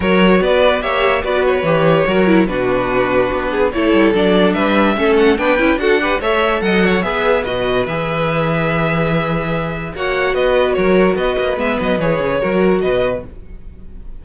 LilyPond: <<
  \new Staff \with { instrumentName = "violin" } { \time 4/4 \tempo 4 = 145 cis''4 d''4 e''4 d''8 cis''8~ | cis''2 b'2~ | b'4 cis''4 d''4 e''4~ | e''8 fis''8 g''4 fis''4 e''4 |
fis''4 e''4 dis''4 e''4~ | e''1 | fis''4 dis''4 cis''4 dis''4 | e''8 dis''8 cis''2 dis''4 | }
  \new Staff \with { instrumentName = "violin" } { \time 4/4 ais'4 b'4 cis''4 b'4~ | b'4 ais'4 fis'2~ | fis'8 gis'8 a'2 b'4 | a'4 b'4 a'8 b'8 cis''4 |
dis''8 cis''8 b'2.~ | b'1 | cis''4 b'4 ais'4 b'4~ | b'2 ais'4 b'4 | }
  \new Staff \with { instrumentName = "viola" } { \time 4/4 fis'2 g'4 fis'4 | g'4 fis'8 e'8 d'2~ | d'4 e'4 d'2 | cis'4 d'8 e'8 fis'8 g'8 a'4~ |
a'4 gis'4 fis'4 gis'4~ | gis'1 | fis'1 | b4 gis'4 fis'2 | }
  \new Staff \with { instrumentName = "cello" } { \time 4/4 fis4 b4 ais4 b4 | e4 fis4 b,2 | b4 a8 g8 fis4 g4 | a4 b8 cis'8 d'4 a4 |
fis4 b4 b,4 e4~ | e1 | ais4 b4 fis4 b8 ais8 | gis8 fis8 e8 cis8 fis4 b,4 | }
>>